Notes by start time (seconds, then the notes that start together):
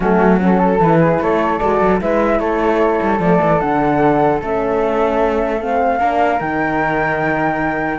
0.00 F#3 A3 C#4 F#4
0.38 C#4 F#4 A4
0.58 A4
0.78 E3 E4 B4
1.00 G#4
1.20 A3 A4 C#5
1.58 G#3 F#4 D5
1.81 F#3
1.99 G#3 E4 B4 E5
2.39 A3 A4 C#5
3.02 G3
3.19 F3 A3 D5
3.41 E3
3.60 D3 D4 F#5
4.41 A3 C#4 E5
5.60 C4 F5
5.98 A#3 D4 A#4
6.39 D#3 D#4 G5